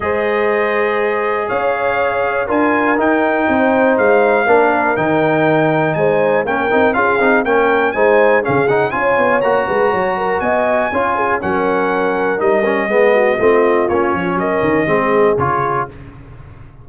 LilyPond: <<
  \new Staff \with { instrumentName = "trumpet" } { \time 4/4 \tempo 4 = 121 dis''2. f''4~ | f''4 gis''4 g''2 | f''2 g''2 | gis''4 g''4 f''4 g''4 |
gis''4 f''8 fis''8 gis''4 ais''4~ | ais''4 gis''2 fis''4~ | fis''4 dis''2. | cis''4 dis''2 cis''4 | }
  \new Staff \with { instrumentName = "horn" } { \time 4/4 c''2. cis''4~ | cis''4 ais'2 c''4~ | c''4 ais'2. | c''4 ais'4 gis'4 ais'4 |
c''4 gis'4 cis''4. b'8 | cis''8 ais'8 dis''4 cis''8 gis'8 ais'4~ | ais'2 gis'8 fis'8 f'4~ | f'4 ais'4 gis'2 | }
  \new Staff \with { instrumentName = "trombone" } { \time 4/4 gis'1~ | gis'4 f'4 dis'2~ | dis'4 d'4 dis'2~ | dis'4 cis'8 dis'8 f'8 dis'8 cis'4 |
dis'4 cis'8 dis'8 f'4 fis'4~ | fis'2 f'4 cis'4~ | cis'4 dis'8 cis'8 b4 c'4 | cis'2 c'4 f'4 | }
  \new Staff \with { instrumentName = "tuba" } { \time 4/4 gis2. cis'4~ | cis'4 d'4 dis'4 c'4 | gis4 ais4 dis2 | gis4 ais8 c'8 cis'8 c'8 ais4 |
gis4 cis4 cis'8 b8 ais8 gis8 | fis4 b4 cis'4 fis4~ | fis4 g4 gis4 a4 | ais8 f8 fis8 dis8 gis4 cis4 | }
>>